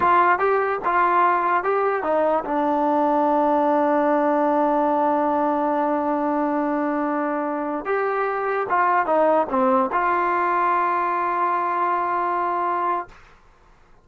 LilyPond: \new Staff \with { instrumentName = "trombone" } { \time 4/4 \tempo 4 = 147 f'4 g'4 f'2 | g'4 dis'4 d'2~ | d'1~ | d'1~ |
d'2.~ d'16 g'8.~ | g'4~ g'16 f'4 dis'4 c'8.~ | c'16 f'2.~ f'8.~ | f'1 | }